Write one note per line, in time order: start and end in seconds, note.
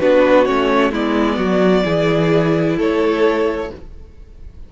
0.00 0.49 B3
0.00 0.46 D4
0.00 0.92 F#4
0.00 0.46 B4
0.46 0.92 A3
0.46 0.92 C#4
0.46 0.92 C#5
0.92 1.38 G#3
0.92 1.85 B3
0.92 1.37 E4
0.92 2.79 D5
1.37 1.84 F#3
1.37 1.83 F#4
1.85 2.78 E3
1.85 3.69 E4
1.85 2.77 G#4
2.77 3.71 A3
2.77 3.70 A4
2.77 3.73 C#5